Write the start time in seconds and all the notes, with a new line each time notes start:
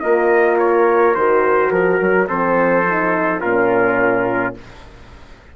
0.00 A#3 F4 A#4 D#5
0.58 C#5
1.15 D#3 F#4 C5
1.71 F3 A#4
2.00 F#3
2.28 F3 C4 A4 C5
2.85 D#4
3.41 A#2 C#4 F4 A#4